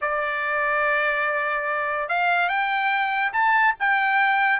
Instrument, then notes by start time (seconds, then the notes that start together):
trumpet
0.01 D5
2.09 F5
2.48 G5
3.33 A5
3.79 G5